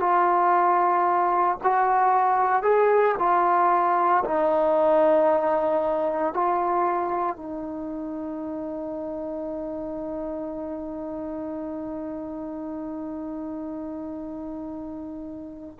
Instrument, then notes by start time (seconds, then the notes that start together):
trombone
0.00 F4
1.64 F#4
2.63 G#4
3.19 F4
4.25 D#4
6.33 F4
7.36 D#4